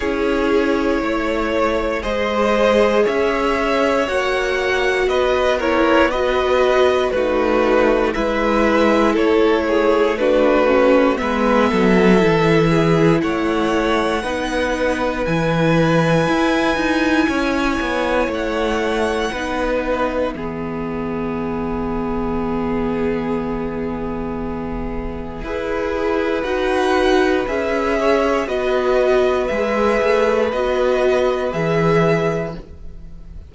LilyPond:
<<
  \new Staff \with { instrumentName = "violin" } { \time 4/4 \tempo 4 = 59 cis''2 dis''4 e''4 | fis''4 dis''8 cis''8 dis''4 b'4 | e''4 cis''4 b'4 e''4~ | e''4 fis''2 gis''4~ |
gis''2 fis''4. e''8~ | e''1~ | e''2 fis''4 e''4 | dis''4 e''4 dis''4 e''4 | }
  \new Staff \with { instrumentName = "violin" } { \time 4/4 gis'4 cis''4 c''4 cis''4~ | cis''4 b'8 ais'8 b'4 fis'4 | b'4 a'8 gis'8 fis'4 b'8 a'8~ | a'8 gis'8 cis''4 b'2~ |
b'4 cis''2 b'4 | gis'1~ | gis'4 b'2~ b'8 cis''8 | b'1 | }
  \new Staff \with { instrumentName = "viola" } { \time 4/4 e'2 gis'2 | fis'4. e'8 fis'4 dis'4 | e'2 d'8 cis'8 b4 | e'2 dis'4 e'4~ |
e'2. dis'4 | b1~ | b4 gis'4 fis'4 gis'4 | fis'4 gis'4 fis'4 gis'4 | }
  \new Staff \with { instrumentName = "cello" } { \time 4/4 cis'4 a4 gis4 cis'4 | ais4 b2 a4 | gis4 a2 gis8 fis8 | e4 a4 b4 e4 |
e'8 dis'8 cis'8 b8 a4 b4 | e1~ | e4 e'4 dis'4 cis'4 | b4 gis8 a8 b4 e4 | }
>>